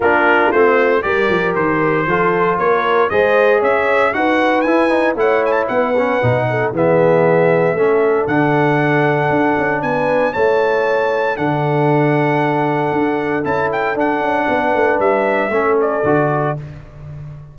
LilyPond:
<<
  \new Staff \with { instrumentName = "trumpet" } { \time 4/4 \tempo 4 = 116 ais'4 c''4 d''4 c''4~ | c''4 cis''4 dis''4 e''4 | fis''4 gis''4 fis''8 gis''16 a''16 fis''4~ | fis''4 e''2. |
fis''2. gis''4 | a''2 fis''2~ | fis''2 a''8 g''8 fis''4~ | fis''4 e''4. d''4. | }
  \new Staff \with { instrumentName = "horn" } { \time 4/4 f'2 ais'2 | a'4 ais'4 c''4 cis''4 | b'2 cis''4 b'4~ | b'8 a'8 gis'2 a'4~ |
a'2. b'4 | cis''2 a'2~ | a'1 | b'2 a'2 | }
  \new Staff \with { instrumentName = "trombone" } { \time 4/4 d'4 c'4 g'2 | f'2 gis'2 | fis'4 e'8 dis'8 e'4. cis'8 | dis'4 b2 cis'4 |
d'1 | e'2 d'2~ | d'2 e'4 d'4~ | d'2 cis'4 fis'4 | }
  \new Staff \with { instrumentName = "tuba" } { \time 4/4 ais4 a4 g8 f8 dis4 | f4 ais4 gis4 cis'4 | dis'4 e'4 a4 b4 | b,4 e2 a4 |
d2 d'8 cis'8 b4 | a2 d2~ | d4 d'4 cis'4 d'8 cis'8 | b8 a8 g4 a4 d4 | }
>>